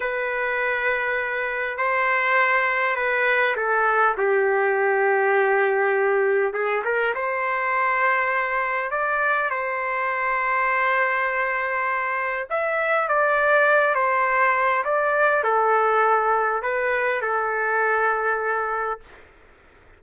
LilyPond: \new Staff \with { instrumentName = "trumpet" } { \time 4/4 \tempo 4 = 101 b'2. c''4~ | c''4 b'4 a'4 g'4~ | g'2. gis'8 ais'8 | c''2. d''4 |
c''1~ | c''4 e''4 d''4. c''8~ | c''4 d''4 a'2 | b'4 a'2. | }